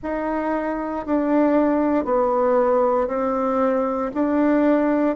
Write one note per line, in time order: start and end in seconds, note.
0.02 1.06 D#4
1.06 2.05 D4
2.05 3.08 B3
3.08 4.11 C4
4.14 5.16 D4